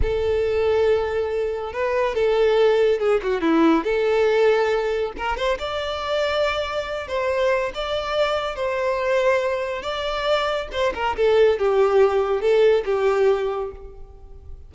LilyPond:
\new Staff \with { instrumentName = "violin" } { \time 4/4 \tempo 4 = 140 a'1 | b'4 a'2 gis'8 fis'8 | e'4 a'2. | ais'8 c''8 d''2.~ |
d''8 c''4. d''2 | c''2. d''4~ | d''4 c''8 ais'8 a'4 g'4~ | g'4 a'4 g'2 | }